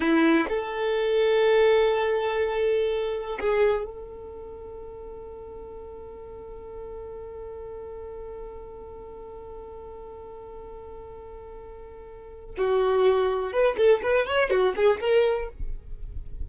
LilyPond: \new Staff \with { instrumentName = "violin" } { \time 4/4 \tempo 4 = 124 e'4 a'2.~ | a'2. gis'4 | a'1~ | a'1~ |
a'1~ | a'1~ | a'2 fis'2 | b'8 a'8 b'8 cis''8 fis'8 gis'8 ais'4 | }